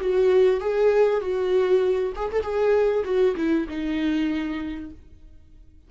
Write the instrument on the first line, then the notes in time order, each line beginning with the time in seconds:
viola
0.00 F#4
0.60 G#4
1.21 F#4
2.15 G#4
2.32 A4
2.42 G#4
3.04 F#4
3.36 E4
3.68 D#4